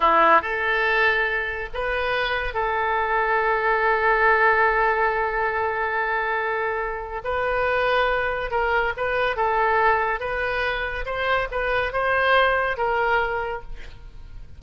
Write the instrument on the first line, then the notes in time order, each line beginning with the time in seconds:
oboe
0.00 E4
0.41 A4
1.73 B4
2.53 A4
7.24 B4
8.50 A#4
8.97 B4
9.36 A4
10.20 B4
11.05 C5
11.51 B4
11.92 C5
12.77 A#4